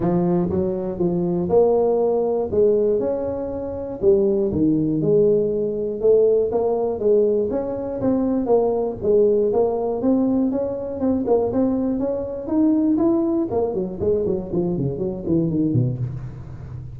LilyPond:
\new Staff \with { instrumentName = "tuba" } { \time 4/4 \tempo 4 = 120 f4 fis4 f4 ais4~ | ais4 gis4 cis'2 | g4 dis4 gis2 | a4 ais4 gis4 cis'4 |
c'4 ais4 gis4 ais4 | c'4 cis'4 c'8 ais8 c'4 | cis'4 dis'4 e'4 ais8 fis8 | gis8 fis8 f8 cis8 fis8 e8 dis8 b,8 | }